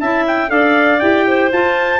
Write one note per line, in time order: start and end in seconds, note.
0.00 0.51 C#4
0.00 0.48 E4
0.00 0.51 E5
0.00 0.25 A5
0.27 0.50 G5
0.48 1.01 D4
0.48 0.99 A4
0.48 1.26 D5
0.48 1.00 F5
1.00 1.52 E4
1.00 1.52 G4
1.00 1.50 G5
1.28 2.00 C5
1.53 2.00 F4
1.53 2.00 A5